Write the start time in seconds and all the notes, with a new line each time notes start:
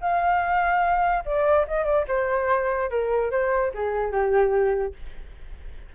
0.00 F5
1.25 D5
1.67 D#5
1.84 D5
2.08 C5
2.90 A#4
3.31 C5
3.74 G#4
4.11 G4